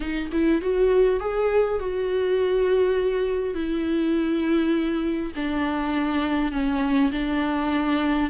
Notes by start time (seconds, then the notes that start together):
0.00 D#4
0.32 E4
0.61 F#4
1.20 G#4
1.79 F#4
3.54 E4
5.35 D4
6.52 C#4
7.11 D4